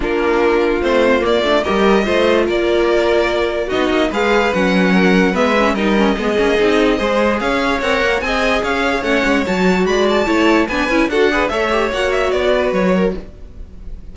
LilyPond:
<<
  \new Staff \with { instrumentName = "violin" } { \time 4/4 \tempo 4 = 146 ais'2 c''4 d''4 | dis''2 d''2~ | d''4 dis''4 f''4 fis''4~ | fis''4 e''4 dis''2~ |
dis''2 f''4 fis''4 | gis''4 f''4 fis''4 a''4 | b''8 a''4. gis''4 fis''4 | e''4 fis''8 e''8 d''4 cis''4 | }
  \new Staff \with { instrumentName = "violin" } { \time 4/4 f'1 | ais'4 c''4 ais'2~ | ais'4 fis'4 b'2 | ais'4 b'4 ais'4 gis'4~ |
gis'4 c''4 cis''2 | dis''4 cis''2. | d''4 cis''4 b'4 a'8 b'8 | cis''2~ cis''8 b'4 ais'8 | }
  \new Staff \with { instrumentName = "viola" } { \time 4/4 d'2 c'4 ais8 d'8 | g'4 f'2.~ | f'4 dis'4 gis'4 cis'4~ | cis'4 b8 cis'8 dis'8 cis'8 b8 cis'8 |
dis'4 gis'2 ais'4 | gis'2 cis'4 fis'4~ | fis'4 e'4 d'8 e'8 fis'8 gis'8 | a'8 g'8 fis'2. | }
  \new Staff \with { instrumentName = "cello" } { \time 4/4 ais2 a4 ais8 a8 | g4 a4 ais2~ | ais4 b8 ais8 gis4 fis4~ | fis4 gis4 g4 gis8 ais8 |
c'4 gis4 cis'4 c'8 ais8 | c'4 cis'4 a8 gis8 fis4 | gis4 a4 b8 cis'8 d'4 | a4 ais4 b4 fis4 | }
>>